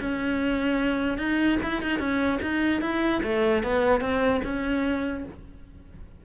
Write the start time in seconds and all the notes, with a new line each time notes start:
0.00 C#4
1.18 D#4
1.63 E4
1.82 D#4
1.99 C#4
2.42 D#4
2.81 E4
3.23 A3
3.63 B3
4.01 C4
4.44 C#4